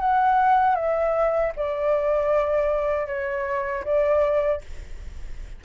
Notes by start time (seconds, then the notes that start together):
0.00 F#5
0.75 E5
1.56 D5
3.07 C#5
3.84 D5